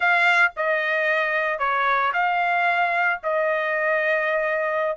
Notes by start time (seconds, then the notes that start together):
0.00 F5
0.56 D#5
1.59 C#5
2.13 F5
3.23 D#5